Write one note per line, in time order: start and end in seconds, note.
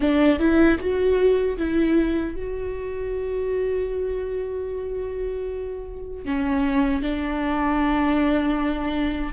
0.00 0.39 D4
0.39 0.78 E4
0.79 1.57 F#4
1.57 2.35 E4
2.35 6.24 F#4
6.24 7.01 C#4
7.01 9.32 D4